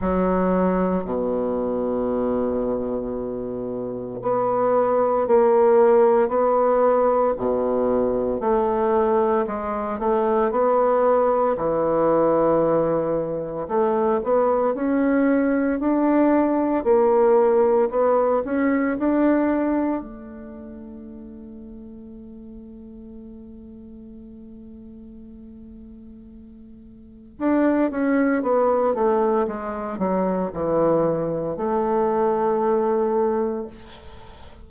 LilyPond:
\new Staff \with { instrumentName = "bassoon" } { \time 4/4 \tempo 4 = 57 fis4 b,2. | b4 ais4 b4 b,4 | a4 gis8 a8 b4 e4~ | e4 a8 b8 cis'4 d'4 |
ais4 b8 cis'8 d'4 a4~ | a1~ | a2 d'8 cis'8 b8 a8 | gis8 fis8 e4 a2 | }